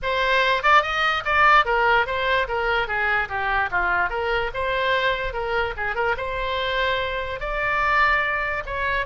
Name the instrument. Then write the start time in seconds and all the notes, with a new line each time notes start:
oboe
0.02 C5
0.62 D5
0.82 D#5
1.24 D5
1.65 A#4
2.06 C5
2.48 A#4
2.87 G#4
3.28 G4
3.71 F4
4.09 A#4
4.54 C5
5.33 A#4
5.76 G#4
5.95 A#4
6.17 C5
7.40 D5
8.66 C#5